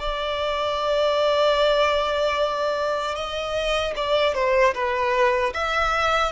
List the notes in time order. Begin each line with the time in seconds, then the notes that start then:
0.00 D5
3.15 D#5
3.97 D5
4.35 C5
4.75 B4
5.54 E5